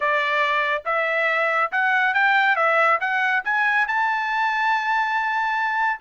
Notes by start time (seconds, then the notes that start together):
0.00 D5
0.85 E5
1.71 F#5
2.14 G5
2.56 E5
3.00 F#5
3.44 G#5
3.87 A5